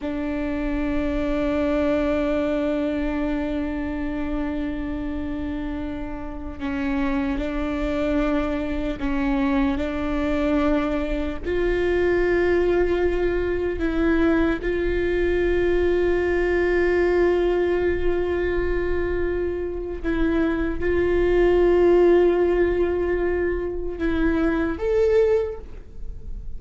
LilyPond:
\new Staff \with { instrumentName = "viola" } { \time 4/4 \tempo 4 = 75 d'1~ | d'1~ | d'16 cis'4 d'2 cis'8.~ | cis'16 d'2 f'4.~ f'16~ |
f'4~ f'16 e'4 f'4.~ f'16~ | f'1~ | f'4 e'4 f'2~ | f'2 e'4 a'4 | }